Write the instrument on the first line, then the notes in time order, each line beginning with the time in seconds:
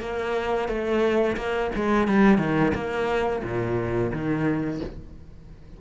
cello
0.00 A#3
0.68 A3
1.37 A#3
1.75 G#3
2.07 G3
2.38 D#3
2.74 A#3
3.43 A#2
4.12 D#3